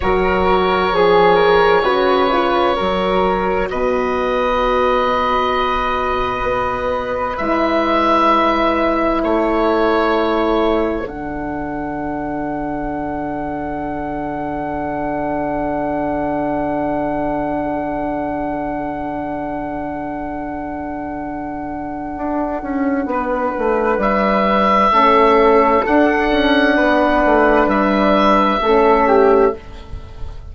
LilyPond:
<<
  \new Staff \with { instrumentName = "oboe" } { \time 4/4 \tempo 4 = 65 cis''1 | dis''1 | e''2 cis''2 | fis''1~ |
fis''1~ | fis''1~ | fis''2 e''2 | fis''2 e''2 | }
  \new Staff \with { instrumentName = "flute" } { \time 4/4 ais'4 gis'8 ais'8 b'4 ais'4 | b'1~ | b'2 a'2~ | a'1~ |
a'1~ | a'1~ | a'4 b'2 a'4~ | a'4 b'2 a'8 g'8 | }
  \new Staff \with { instrumentName = "horn" } { \time 4/4 fis'4 gis'4 fis'8 f'8 fis'4~ | fis'1 | e'1 | d'1~ |
d'1~ | d'1~ | d'2. cis'4 | d'2. cis'4 | }
  \new Staff \with { instrumentName = "bassoon" } { \time 4/4 fis4 f4 cis4 fis4 | b,2. b4 | gis2 a2 | d1~ |
d1~ | d1 | d'8 cis'8 b8 a8 g4 a4 | d'8 cis'8 b8 a8 g4 a4 | }
>>